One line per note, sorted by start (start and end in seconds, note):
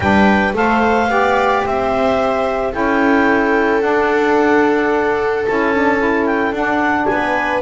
0.00 0.53 G3
0.00 0.54 D4
0.00 0.56 B4
0.00 0.54 G5
0.53 1.08 A3
0.53 1.08 A4
0.53 1.10 C5
0.53 1.65 F5
1.08 1.62 B3
1.08 2.71 G4
1.08 1.65 D5
1.65 2.74 C4
1.65 2.72 C5
1.65 2.73 E5
2.72 3.82 C#4
2.72 3.80 E4
2.72 7.08 A4
2.72 3.81 G5
3.80 5.44 D4
3.80 5.46 D4
3.80 5.45 F#5
5.46 6.51 C#4
5.46 5.74 E4
5.46 6.26 A5
5.74 5.98 D4
5.98 6.53 E4
6.26 6.53 G5
6.51 7.06 D4
6.51 7.62 D4
6.51 7.05 F#5
7.05 7.62 B3
7.05 7.62 B4
7.05 7.60 G#5